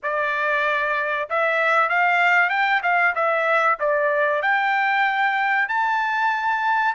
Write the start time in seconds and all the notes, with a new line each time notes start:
0.02 D5
1.29 E5
1.89 F5
2.49 G5
2.82 F5
3.15 E5
3.79 D5
4.42 G5
5.68 A5